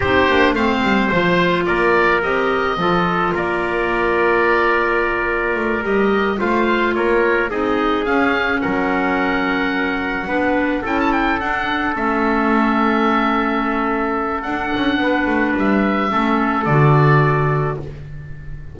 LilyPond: <<
  \new Staff \with { instrumentName = "oboe" } { \time 4/4 \tempo 4 = 108 c''4 f''4 c''4 d''4 | dis''2 d''2~ | d''2~ d''8 dis''4 f''8~ | f''8 cis''4 dis''4 f''4 fis''8~ |
fis''2.~ fis''8 g''16 a''16 | g''8 fis''4 e''2~ e''8~ | e''2 fis''2 | e''2 d''2 | }
  \new Staff \with { instrumentName = "trumpet" } { \time 4/4 g'4 c''2 ais'4~ | ais'4 a'4 ais'2~ | ais'2.~ ais'8 c''8~ | c''8 ais'4 gis'2 ais'8~ |
ais'2~ ais'8 b'4 a'8~ | a'1~ | a'2. b'4~ | b'4 a'2. | }
  \new Staff \with { instrumentName = "clarinet" } { \time 4/4 dis'8 d'8 c'4 f'2 | g'4 f'2.~ | f'2~ f'8 g'4 f'8~ | f'4. dis'4 cis'4.~ |
cis'2~ cis'8 d'4 e'8~ | e'8 d'4 cis'2~ cis'8~ | cis'2 d'2~ | d'4 cis'4 fis'2 | }
  \new Staff \with { instrumentName = "double bass" } { \time 4/4 c'8 ais8 a8 g8 f4 ais4 | c'4 f4 ais2~ | ais2 a8 g4 a8~ | a8 ais4 c'4 cis'4 fis8~ |
fis2~ fis8 b4 cis'8~ | cis'8 d'4 a2~ a8~ | a2 d'8 cis'8 b8 a8 | g4 a4 d2 | }
>>